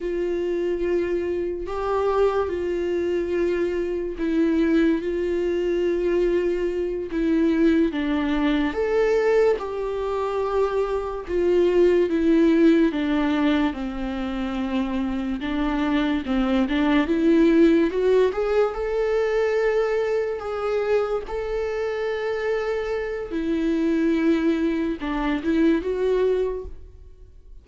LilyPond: \new Staff \with { instrumentName = "viola" } { \time 4/4 \tempo 4 = 72 f'2 g'4 f'4~ | f'4 e'4 f'2~ | f'8 e'4 d'4 a'4 g'8~ | g'4. f'4 e'4 d'8~ |
d'8 c'2 d'4 c'8 | d'8 e'4 fis'8 gis'8 a'4.~ | a'8 gis'4 a'2~ a'8 | e'2 d'8 e'8 fis'4 | }